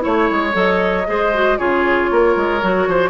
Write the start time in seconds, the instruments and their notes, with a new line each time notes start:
0.00 bassoon A3, clarinet E4, flute C#5, oboe C#5
0.31 bassoon G#3
0.53 bassoon F#3, clarinet A4, flute D#5
1.07 bassoon G#3, clarinet G#4, oboe C5
1.34 clarinet F#4
1.58 bassoon C#3, clarinet F4, oboe G#4, flute C#5
2.11 bassoon A#3, oboe A#4
2.36 bassoon G#3
2.62 bassoon F#3, clarinet F#4
2.87 bassoon F3, oboe C5